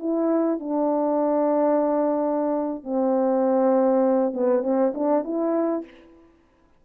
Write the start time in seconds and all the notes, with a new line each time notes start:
0.00 E4
0.60 D4
2.84 C4
4.34 B3
4.63 C4
4.95 D4
5.24 E4